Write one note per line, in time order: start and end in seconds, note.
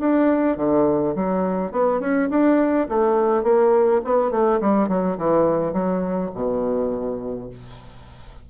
0.00 0.57 D4
0.57 1.15 D3
1.16 1.72 F#3
1.72 2.00 B3
2.00 2.29 C#4
2.30 2.88 D4
2.89 3.44 A3
3.44 4.01 A#3
4.05 4.31 B3
4.31 4.60 A3
4.61 4.89 G3
4.89 5.18 F#3
5.18 5.73 E3
5.73 6.31 F#3
6.35 7.50 B2